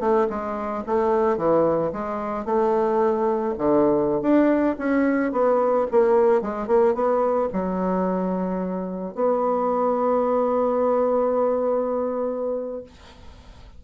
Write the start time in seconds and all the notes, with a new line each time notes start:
0.00 A3
0.30 G#3
0.87 A3
1.37 E3
1.92 G#3
2.45 A3
3.58 D3
4.21 D4
4.78 C#4
5.32 B3
5.91 A#3
6.42 G#3
6.67 A#3
6.94 B3
7.53 F#3
9.15 B3